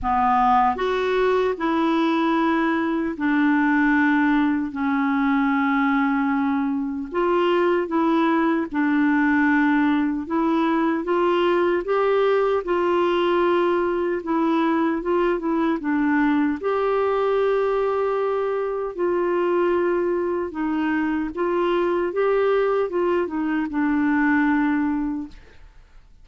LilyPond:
\new Staff \with { instrumentName = "clarinet" } { \time 4/4 \tempo 4 = 76 b4 fis'4 e'2 | d'2 cis'2~ | cis'4 f'4 e'4 d'4~ | d'4 e'4 f'4 g'4 |
f'2 e'4 f'8 e'8 | d'4 g'2. | f'2 dis'4 f'4 | g'4 f'8 dis'8 d'2 | }